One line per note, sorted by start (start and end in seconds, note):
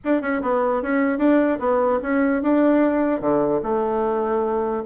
0.04 0.21 D4
0.21 0.41 C#4
0.42 0.82 B3
0.82 1.18 C#4
1.18 1.58 D4
1.59 1.99 B3
2.02 2.42 C#4
2.42 3.20 D4
3.20 3.61 D3
3.62 4.83 A3